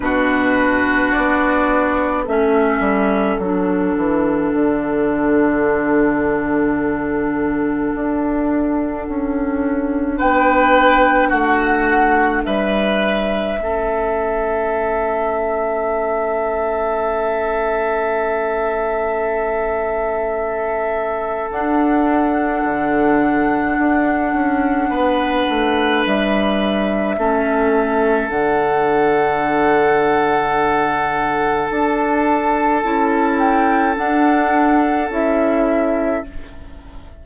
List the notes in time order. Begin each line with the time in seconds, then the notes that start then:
0.00 B2 D4 F#4 B4
1.11 B3 D5
2.23 A3 C#4 A4 E5
2.79 G3
3.37 F#3 D4 F#5
3.96 E3
4.52 D3
7.94 D4
9.08 C#4
10.17 B3 B4 G5
11.28 A3 F#4 F#5
12.45 G3 B4 E5
13.58 A3 C#4 A4
21.50 D4 F#5
22.64 D3
23.78 D4
24.33 C#4
24.89 B3 B4
25.49 A3
26.05 G3 E5
27.17 A3 C#4 A4
28.29 D3 D4 F#5
31.70 D4 A5
32.83 C#4 E4
33.38 G5
33.94 D4 F#5
35.09 C#4 E4 E5